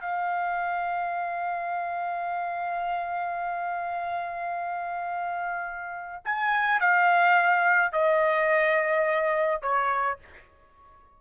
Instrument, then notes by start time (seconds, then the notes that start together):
trumpet
0.00 F5
6.24 G#5
6.80 F5
7.92 D#5
9.62 C#5